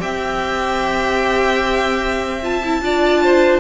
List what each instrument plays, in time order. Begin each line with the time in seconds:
0.00 cello C4, viola G4, violin E5 G5
2.43 viola F4, violin A5
2.64 viola E4
2.81 cello D4, viola F4, violin D5
3.23 violin C5